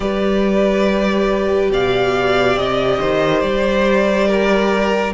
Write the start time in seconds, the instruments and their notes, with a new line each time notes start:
0.00 cello G3, viola G4, violin B4 D5
1.70 cello B2, violin D5 F5
2.56 cello C3, violin D#5
2.99 cello D#3, violin C5
3.41 cello G3, violin D5
4.27 violin A#4